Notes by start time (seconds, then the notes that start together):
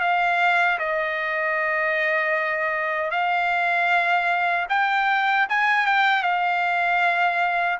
0.00 F5
0.78 D#5
3.10 F5
4.69 G5
5.49 G#5
5.86 G5
6.22 F5